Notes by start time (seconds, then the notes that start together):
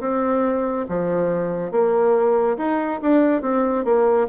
0.00 C4
0.88 F3
1.71 A#3
2.57 D#4
3.02 D4
3.42 C4
3.85 A#3